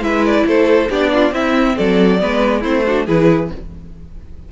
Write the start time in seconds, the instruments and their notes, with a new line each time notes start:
0.00 cello G#3, viola E4, violin B4 E5
0.25 violin D5
0.45 cello A3, violin A4 C5
0.89 cello B3, viola D4, violin G4 D5
1.13 violin F4
1.31 cello C4, viola C4, violin E4 E5
1.76 cello F#3, violin A4 D5
2.19 cello G#3, viola B3, violin B4
2.60 cello A3, viola C4, violin E4 C5
2.86 viola D4, violin F#4
3.06 cello E3, viola E4, violin G#4 B4